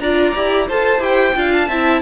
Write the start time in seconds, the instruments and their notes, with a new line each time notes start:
0.00 cello D4, viola F4, violin D5 A#5
0.35 cello E4, viola G4
0.68 cello F4, viola A4, violin C5 A5
1.00 cello E4, viola G4, violin G5
1.35 cello D4, viola F4, violin F5
1.52 violin A5
1.68 cello C4, viola E4, violin E5